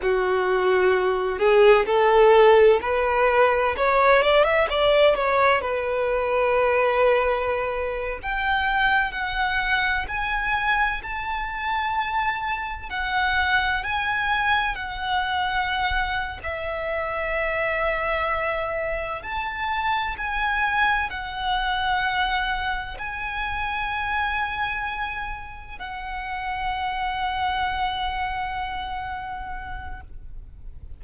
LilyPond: \new Staff \with { instrumentName = "violin" } { \time 4/4 \tempo 4 = 64 fis'4. gis'8 a'4 b'4 | cis''8 d''16 e''16 d''8 cis''8 b'2~ | b'8. g''4 fis''4 gis''4 a''16~ | a''4.~ a''16 fis''4 gis''4 fis''16~ |
fis''4. e''2~ e''8~ | e''8 a''4 gis''4 fis''4.~ | fis''8 gis''2. fis''8~ | fis''1 | }